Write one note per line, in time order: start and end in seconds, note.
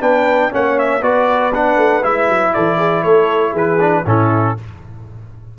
0.00 0.51 B3
0.00 0.50 D4
0.00 0.51 B4
0.00 0.52 G5
0.51 1.01 A#3
0.51 1.01 C#4
0.51 1.01 C#5
0.51 0.78 F#5
0.78 1.02 E5
1.01 1.76 B3
1.01 1.52 F#4
1.01 2.52 B4
1.01 1.53 D5
1.54 2.02 D4
1.54 2.03 F#5
1.76 2.02 A3
2.02 2.28 G#3
2.02 3.78 E4
2.02 2.53 E5
2.28 2.53 F#3
2.53 3.04 E3
2.53 2.77 A4
2.53 3.03 D5
2.77 3.02 G#4
3.03 3.53 A3
3.03 3.52 A4
3.03 3.53 C#5
3.52 4.03 E3
3.52 4.02 G#4
3.52 4.07 B4
3.80 4.05 D4
4.05 4.55 A2
4.05 4.56 C#4
4.05 4.57 E4
4.05 4.58 A4